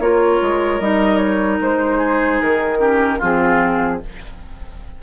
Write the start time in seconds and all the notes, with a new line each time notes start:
0.00 A#3 F4 A#4 C#5
0.42 G#3
0.80 G3 D#4 D#5
1.17 C#5
1.61 G#3 C5
1.98 G#4
2.42 D#3 A#4
2.79 C#4 G4
3.19 F3 C4 F4 G#4